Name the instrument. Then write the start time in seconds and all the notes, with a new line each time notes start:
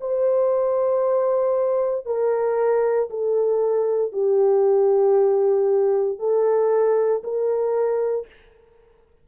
horn
0.00 C5
2.05 A#4
3.10 A4
4.12 G4
6.19 A4
7.23 A#4